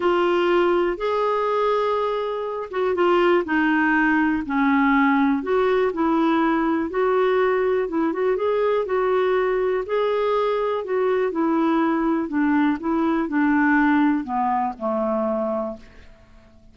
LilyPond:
\new Staff \with { instrumentName = "clarinet" } { \time 4/4 \tempo 4 = 122 f'2 gis'2~ | gis'4. fis'8 f'4 dis'4~ | dis'4 cis'2 fis'4 | e'2 fis'2 |
e'8 fis'8 gis'4 fis'2 | gis'2 fis'4 e'4~ | e'4 d'4 e'4 d'4~ | d'4 b4 a2 | }